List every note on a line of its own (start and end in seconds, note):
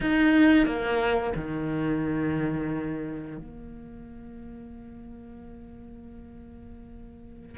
0.00 0.66 D#4
0.66 1.33 A#3
1.35 3.37 D#3
3.37 7.57 A#3